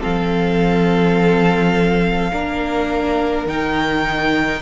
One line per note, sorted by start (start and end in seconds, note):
0.00 2.31 F3
0.00 2.31 C4
0.00 2.31 A4
0.00 3.47 F5
2.31 3.46 A#3
2.31 3.48 D4
2.31 4.62 A#4
3.46 4.62 D#3
3.46 4.62 D#4
3.46 4.62 G5